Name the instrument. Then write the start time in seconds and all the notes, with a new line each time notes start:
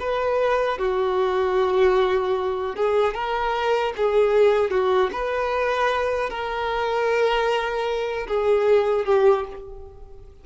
violin
0.00 B4
0.78 F#4
2.76 G#4
3.14 A#4
3.97 G#4
4.70 F#4
5.12 B4
6.30 A#4
8.28 G#4
9.05 G4